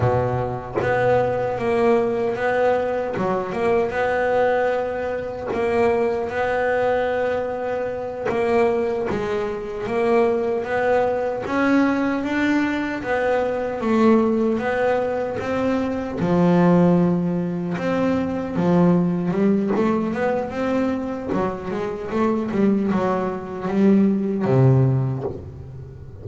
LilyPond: \new Staff \with { instrumentName = "double bass" } { \time 4/4 \tempo 4 = 76 b,4 b4 ais4 b4 | fis8 ais8 b2 ais4 | b2~ b8 ais4 gis8~ | gis8 ais4 b4 cis'4 d'8~ |
d'8 b4 a4 b4 c'8~ | c'8 f2 c'4 f8~ | f8 g8 a8 b8 c'4 fis8 gis8 | a8 g8 fis4 g4 c4 | }